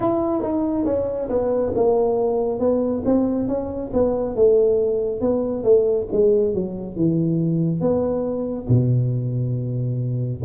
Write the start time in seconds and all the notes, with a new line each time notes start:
0.00 E4
0.42 D#4
0.85 C#4
1.29 B3
1.75 A#3
2.59 B3
3.05 C4
3.48 C#4
3.93 B3
4.35 A3
5.21 B3
5.63 A3
6.11 G#3
6.54 F#3
6.96 E3
7.81 B3
8.68 B2